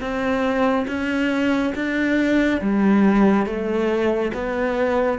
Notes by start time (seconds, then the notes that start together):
0.00 C4
0.87 C#4
1.75 D4
2.61 G3
3.46 A3
4.34 B3